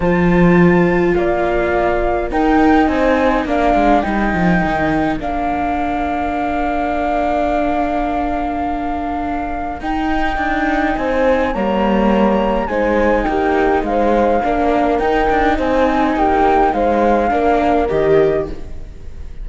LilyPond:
<<
  \new Staff \with { instrumentName = "flute" } { \time 4/4 \tempo 4 = 104 a''2 f''2 | g''4 gis''4 f''4 g''4~ | g''4 f''2.~ | f''1~ |
f''4 g''2 gis''4 | ais''2 gis''4 g''4 | f''2 g''4 gis''4 | g''4 f''2 dis''4 | }
  \new Staff \with { instrumentName = "horn" } { \time 4/4 c''2 d''2 | ais'4 c''4 ais'2~ | ais'1~ | ais'1~ |
ais'2. c''4 | cis''2 c''4 g'4 | c''4 ais'2 c''4 | g'4 c''4 ais'2 | }
  \new Staff \with { instrumentName = "viola" } { \time 4/4 f'1 | dis'2 d'4 dis'4~ | dis'4 d'2.~ | d'1~ |
d'4 dis'2. | ais2 dis'2~ | dis'4 d'4 dis'2~ | dis'2 d'4 g'4 | }
  \new Staff \with { instrumentName = "cello" } { \time 4/4 f2 ais2 | dis'4 c'4 ais8 gis8 g8 f8 | dis4 ais2.~ | ais1~ |
ais4 dis'4 d'4 c'4 | g2 gis4 ais4 | gis4 ais4 dis'8 d'8 c'4 | ais4 gis4 ais4 dis4 | }
>>